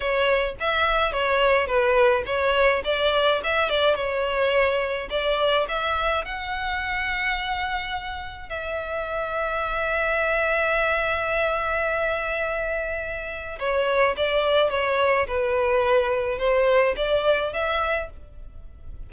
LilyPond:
\new Staff \with { instrumentName = "violin" } { \time 4/4 \tempo 4 = 106 cis''4 e''4 cis''4 b'4 | cis''4 d''4 e''8 d''8 cis''4~ | cis''4 d''4 e''4 fis''4~ | fis''2. e''4~ |
e''1~ | e''1 | cis''4 d''4 cis''4 b'4~ | b'4 c''4 d''4 e''4 | }